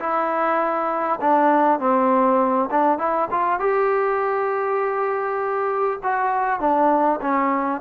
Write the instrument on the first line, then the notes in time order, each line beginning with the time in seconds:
trombone
0.00 E4
1.21 D4
1.80 C4
2.71 D4
2.99 E4
3.31 F4
3.60 G4
6.04 F#4
6.60 D4
7.22 C#4